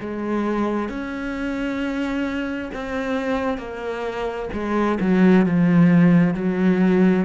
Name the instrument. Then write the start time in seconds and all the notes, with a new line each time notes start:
cello
0.00 G#3
0.88 C#4
2.73 C4
3.57 A#3
4.52 G#3
5.00 F#3
5.45 F3
6.34 F#3